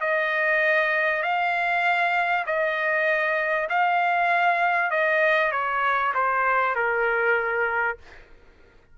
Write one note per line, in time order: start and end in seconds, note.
0.00 1.22 D#5
1.22 2.45 F5
2.46 3.68 D#5
3.69 4.90 F5
4.90 5.51 D#5
5.51 6.13 C#5
6.14 6.75 C5
6.75 7.97 A#4